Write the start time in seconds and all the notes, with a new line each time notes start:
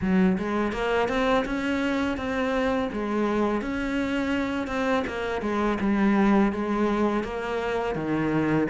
0.01 F#3
0.37 G#3
0.72 A#3
1.08 C4
1.45 C#4
2.17 C4
2.92 G#3
3.61 C#4
4.67 C4
5.07 A#3
5.41 G#3
5.80 G3
6.52 G#3
7.23 A#3
7.95 D#3